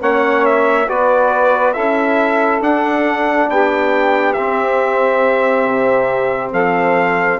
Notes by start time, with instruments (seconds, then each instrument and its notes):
0.00 bassoon A#3, trombone C#4, saxophone C#5, trumpet F#5
0.46 trumpet E5
0.88 bassoon B3, trombone F#4, saxophone B4, trumpet D5
1.74 bassoon C#4, trombone E4, saxophone A4, trumpet E5
2.62 bassoon D4, trombone D4, trumpet F#5
3.50 bassoon B3, saxophone G4, trumpet G5
4.34 bassoon C4, trombone C4, trumpet E5
5.66 bassoon C3
6.53 bassoon F3, saxophone A4, trumpet F5